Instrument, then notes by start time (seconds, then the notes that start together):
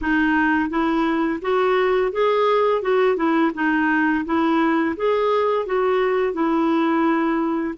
clarinet
0.01 D#4
0.69 E4
1.41 F#4
2.12 G#4
2.82 F#4
3.16 E4
3.54 D#4
4.25 E4
4.96 G#4
5.66 F#4
6.33 E4